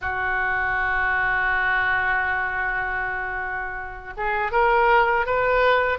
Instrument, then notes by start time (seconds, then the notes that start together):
oboe
0.01 F#4
4.16 G#4
4.51 A#4
5.25 B4